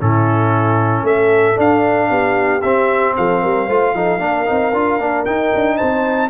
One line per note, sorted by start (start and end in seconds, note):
0.00 1.03 A2
0.00 1.55 C#4
0.00 1.04 E4
0.00 1.06 A4
1.03 1.56 A3
1.03 2.09 A4
1.03 1.59 E5
1.55 2.61 D4
1.55 2.10 D4
1.55 2.62 F5
2.10 2.63 B3
2.10 3.15 G4
2.62 3.17 C4
2.62 3.70 C4
2.62 3.14 E5
3.17 3.44 F3
3.17 3.42 A4
3.17 5.26 F5
3.42 3.69 G3
3.42 3.66 A#4
3.66 3.94 A3
3.66 3.96 F4
3.66 3.93 C5
3.94 4.19 F3
3.94 4.20 D#4
3.94 4.19 A4
4.19 4.45 A#3
4.19 4.46 D4
4.19 5.77 A#4
4.46 4.73 C4
4.46 4.72 D#4
4.73 4.99 D4
4.73 5.00 F4
4.99 5.25 A#3
4.99 5.26 D4
5.26 6.30 D#4
5.26 5.53 D#4
5.26 5.77 G5
5.55 5.81 D4
5.77 6.30 C4
5.77 6.30 C5
5.77 6.30 A5